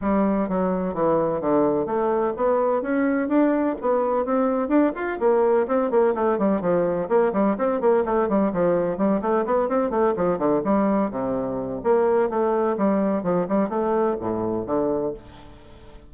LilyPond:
\new Staff \with { instrumentName = "bassoon" } { \time 4/4 \tempo 4 = 127 g4 fis4 e4 d4 | a4 b4 cis'4 d'4 | b4 c'4 d'8 f'8 ais4 | c'8 ais8 a8 g8 f4 ais8 g8 |
c'8 ais8 a8 g8 f4 g8 a8 | b8 c'8 a8 f8 d8 g4 c8~ | c4 ais4 a4 g4 | f8 g8 a4 a,4 d4 | }